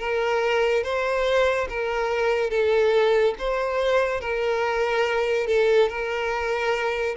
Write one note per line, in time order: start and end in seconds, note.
0.00 0.84 A#4
0.84 1.68 C5
1.69 2.51 A#4
2.51 3.35 A4
3.39 4.21 C5
4.21 5.47 A#4
5.47 5.89 A4
5.89 7.16 A#4